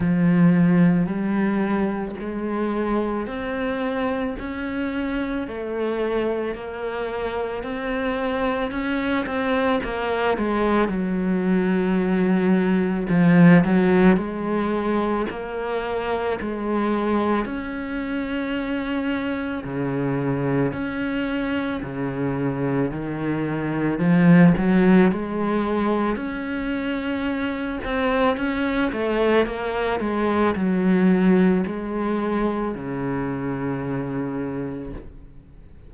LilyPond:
\new Staff \with { instrumentName = "cello" } { \time 4/4 \tempo 4 = 55 f4 g4 gis4 c'4 | cis'4 a4 ais4 c'4 | cis'8 c'8 ais8 gis8 fis2 | f8 fis8 gis4 ais4 gis4 |
cis'2 cis4 cis'4 | cis4 dis4 f8 fis8 gis4 | cis'4. c'8 cis'8 a8 ais8 gis8 | fis4 gis4 cis2 | }